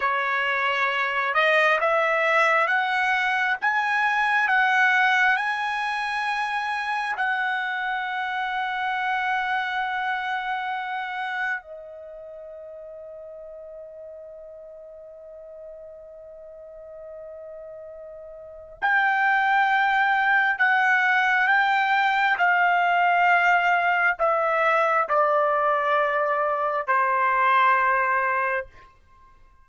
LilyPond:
\new Staff \with { instrumentName = "trumpet" } { \time 4/4 \tempo 4 = 67 cis''4. dis''8 e''4 fis''4 | gis''4 fis''4 gis''2 | fis''1~ | fis''4 dis''2.~ |
dis''1~ | dis''4 g''2 fis''4 | g''4 f''2 e''4 | d''2 c''2 | }